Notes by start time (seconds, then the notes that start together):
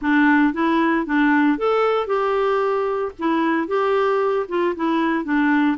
0.01 D4
0.53 E4
1.06 D4
1.58 A4
2.06 G4
3.18 E4
3.67 G4
4.48 F4
4.75 E4
5.24 D4